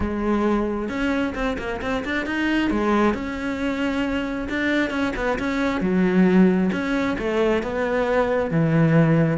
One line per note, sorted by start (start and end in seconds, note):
0.00 0.88 G#3
0.88 1.33 C#4
1.34 1.57 C4
1.58 1.81 A#3
1.81 2.04 C4
2.04 2.26 D4
2.26 2.70 D#4
2.70 3.13 G#3
3.13 4.48 C#4
4.49 4.90 D4
4.90 5.12 C#4
5.16 5.38 B3
5.39 5.80 C#4
5.80 6.70 F#3
6.72 7.16 C#4
7.18 7.62 A3
7.62 8.50 B3
8.50 9.37 E3